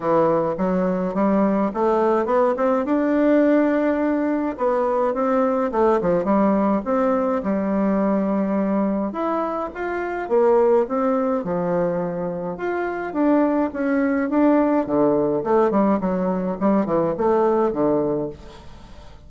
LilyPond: \new Staff \with { instrumentName = "bassoon" } { \time 4/4 \tempo 4 = 105 e4 fis4 g4 a4 | b8 c'8 d'2. | b4 c'4 a8 f8 g4 | c'4 g2. |
e'4 f'4 ais4 c'4 | f2 f'4 d'4 | cis'4 d'4 d4 a8 g8 | fis4 g8 e8 a4 d4 | }